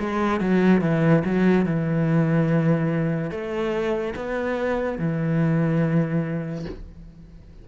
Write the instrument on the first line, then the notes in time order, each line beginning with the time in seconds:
cello
0.00 G#3
0.41 F#3
0.82 E3
1.25 F#3
1.66 E3
3.31 A3
4.16 B3
4.99 E3